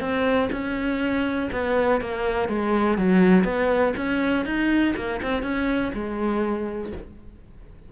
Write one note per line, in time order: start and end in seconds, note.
0.00 0.49 C4
0.51 1.50 C#4
1.52 2.01 B3
2.01 2.48 A#3
2.48 2.98 G#3
2.98 3.44 F#3
3.44 3.93 B3
3.97 4.45 C#4
4.45 4.94 D#4
4.96 5.20 A#3
5.22 5.42 C4
5.42 5.92 C#4
5.94 6.92 G#3